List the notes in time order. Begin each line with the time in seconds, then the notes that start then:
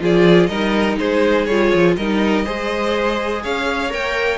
0.00 F3 F4 G#4 D5
0.46 G3 D#4 A#4 D#5
0.98 G#3 G#4 C5
1.45 G3 F4 C#5
1.74 F3
1.96 G3 D#4 A#4 D#5
2.45 G#3 G#4 C5
3.42 C#4 C#5 F5
3.89 A#3 A#4 G5